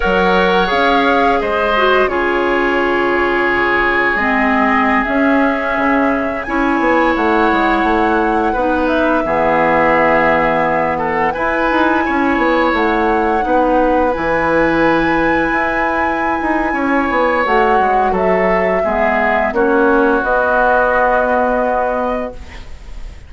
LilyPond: <<
  \new Staff \with { instrumentName = "flute" } { \time 4/4 \tempo 4 = 86 fis''4 f''4 dis''4 cis''4~ | cis''2 dis''4~ dis''16 e''8.~ | e''4~ e''16 gis''4 fis''4.~ fis''16~ | fis''8. e''2. fis''16~ |
fis''16 gis''2 fis''4.~ fis''16~ | fis''16 gis''2.~ gis''8.~ | gis''4 fis''4 e''2 | cis''4 dis''2. | }
  \new Staff \with { instrumentName = "oboe" } { \time 4/4 cis''2 c''4 gis'4~ | gis'1~ | gis'4~ gis'16 cis''2~ cis''8.~ | cis''16 b'4 gis'2~ gis'8 a'16~ |
a'16 b'4 cis''2 b'8.~ | b'1 | cis''2 a'4 gis'4 | fis'1 | }
  \new Staff \with { instrumentName = "clarinet" } { \time 4/4 ais'4 gis'4. fis'8 f'4~ | f'2 c'4~ c'16 cis'8.~ | cis'4~ cis'16 e'2~ e'8.~ | e'16 dis'4 b2~ b8.~ |
b16 e'2. dis'8.~ | dis'16 e'2.~ e'8.~ | e'4 fis'2 b4 | cis'4 b2. | }
  \new Staff \with { instrumentName = "bassoon" } { \time 4/4 fis4 cis'4 gis4 cis4~ | cis2 gis4~ gis16 cis'8.~ | cis'16 cis4 cis'8 b8 a8 gis8 a8.~ | a16 b4 e2~ e8.~ |
e16 e'8 dis'8 cis'8 b8 a4 b8.~ | b16 e2 e'4~ e'16 dis'8 | cis'8 b8 a8 gis8 fis4 gis4 | ais4 b2. | }
>>